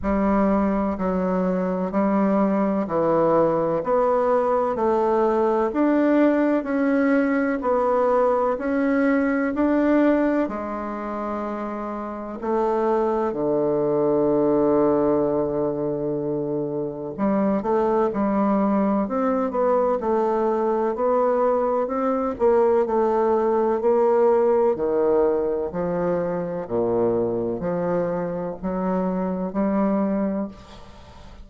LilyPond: \new Staff \with { instrumentName = "bassoon" } { \time 4/4 \tempo 4 = 63 g4 fis4 g4 e4 | b4 a4 d'4 cis'4 | b4 cis'4 d'4 gis4~ | gis4 a4 d2~ |
d2 g8 a8 g4 | c'8 b8 a4 b4 c'8 ais8 | a4 ais4 dis4 f4 | ais,4 f4 fis4 g4 | }